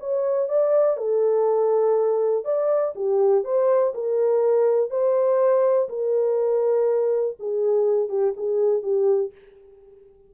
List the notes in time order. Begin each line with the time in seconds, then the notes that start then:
0.00 C#5
0.49 D5
0.97 A4
2.45 D5
2.96 G4
3.45 C5
3.95 A#4
4.91 C5
5.89 A#4
7.40 G#4
8.09 G4
8.37 G#4
8.83 G4